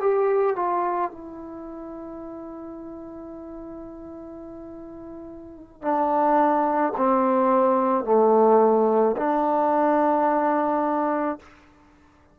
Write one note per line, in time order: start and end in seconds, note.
0.00 0.56 G4
0.56 1.11 F4
1.11 5.82 E4
5.82 6.93 D4
6.97 8.05 C4
8.05 9.16 A3
9.17 11.39 D4